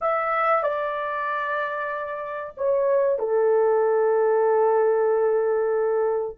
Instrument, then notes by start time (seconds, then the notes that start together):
horn
0.01 E5
0.63 D5
2.57 C#5
3.18 A4